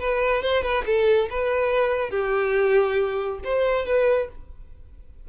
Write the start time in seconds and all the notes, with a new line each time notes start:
0.00 B4
0.43 C5
0.63 B4
0.86 A4
1.30 B4
2.11 G4
3.44 C5
3.86 B4